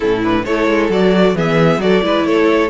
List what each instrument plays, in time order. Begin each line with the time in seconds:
0.00 cello A2, viola C#4, violin E4 A4
0.23 viola D4, violin B4
0.45 cello A3, viola E4, violin A4 C#5
0.67 cello G#3
0.89 cello F#3, viola F#4, violin D5
1.34 cello E3, viola B3, violin G#4 E5
1.78 cello F#3, viola F#4, violin A4 D5
2.01 cello G#3, viola E4, violin B4
2.25 cello A3, violin A4 C#5